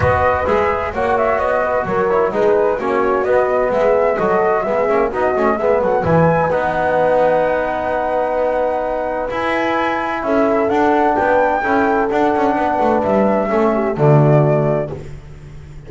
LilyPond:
<<
  \new Staff \with { instrumentName = "flute" } { \time 4/4 \tempo 4 = 129 dis''4 e''4 fis''8 e''8 dis''4 | cis''4 b'4 cis''4 dis''4 | e''4 dis''4 e''4 dis''4 | e''8 fis''8 gis''4 fis''2~ |
fis''1 | gis''2 e''4 fis''4 | g''2 fis''2 | e''2 d''2 | }
  \new Staff \with { instrumentName = "horn" } { \time 4/4 b'2 cis''4. b'8 | ais'4 gis'4 fis'2 | gis'4 a'4 gis'4 fis'4 | gis'8 a'8 b'2.~ |
b'1~ | b'2 a'2 | b'4 a'2 b'4~ | b'4 a'8 g'8 fis'2 | }
  \new Staff \with { instrumentName = "trombone" } { \time 4/4 fis'4 gis'4 fis'2~ | fis'8 e'8 dis'4 cis'4 b4~ | b4 fis'4 b8 cis'8 dis'8 cis'8 | b4 e'4 dis'2~ |
dis'1 | e'2. d'4~ | d'4 e'4 d'2~ | d'4 cis'4 a2 | }
  \new Staff \with { instrumentName = "double bass" } { \time 4/4 b4 gis4 ais4 b4 | fis4 gis4 ais4 b4 | gis4 fis4 gis8 ais8 b8 a8 | gis8 fis8 e4 b2~ |
b1 | e'2 cis'4 d'4 | b4 cis'4 d'8 cis'8 b8 a8 | g4 a4 d2 | }
>>